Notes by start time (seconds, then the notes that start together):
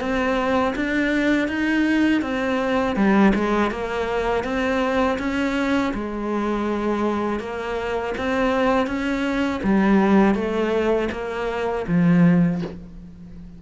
0.00 C4
0.75 D4
1.48 D#4
2.22 C4
2.96 G3
3.35 G#3
3.70 A#3
4.44 C4
5.19 C#4
5.94 G#3
7.39 A#3
8.18 C4
8.87 C#4
9.63 G3
10.35 A3
11.11 A#3
11.88 F3